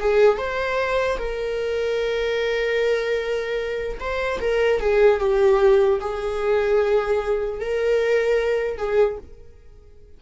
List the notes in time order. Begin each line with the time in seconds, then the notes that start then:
0.00 G#4
0.38 C5
1.18 A#4
4.00 C5
4.41 A#4
4.80 G#4
5.20 G4
6.00 G#4
7.60 A#4
8.77 G#4